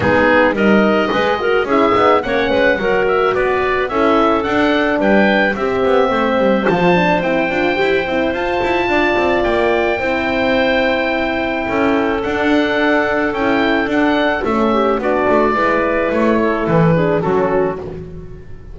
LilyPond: <<
  \new Staff \with { instrumentName = "oboe" } { \time 4/4 \tempo 4 = 108 gis'4 dis''2 e''4 | fis''4. e''8 d''4 e''4 | fis''4 g''4 e''2 | a''4 g''2 a''4~ |
a''4 g''2.~ | g''2 fis''2 | g''4 fis''4 e''4 d''4~ | d''4 cis''4 b'4 a'4 | }
  \new Staff \with { instrumentName = "clarinet" } { \time 4/4 dis'4 ais'4 b'8 ais'8 gis'4 | cis''8 b'8 ais'4 b'4 a'4~ | a'4 b'4 g'4 c''4~ | c''1 |
d''2 c''2~ | c''4 a'2.~ | a'2~ a'8 g'8 fis'4 | b'4. a'4 gis'8 fis'4 | }
  \new Staff \with { instrumentName = "horn" } { \time 4/4 b4 dis'4 gis'8 fis'8 e'8 dis'8 | cis'4 fis'2 e'4 | d'2 c'2 | f'8 d'8 e'8 f'8 g'8 e'8 f'4~ |
f'2 e'2~ | e'2 d'2 | e'4 d'4 cis'4 d'4 | e'2~ e'8 d'8 cis'4 | }
  \new Staff \with { instrumentName = "double bass" } { \time 4/4 gis4 g4 gis4 cis'8 b8 | ais8 gis8 fis4 b4 cis'4 | d'4 g4 c'8 b8 a8 g8 | f4 c'8 d'8 e'8 c'8 f'8 e'8 |
d'8 c'8 ais4 c'2~ | c'4 cis'4 d'2 | cis'4 d'4 a4 b8 a8 | gis4 a4 e4 fis4 | }
>>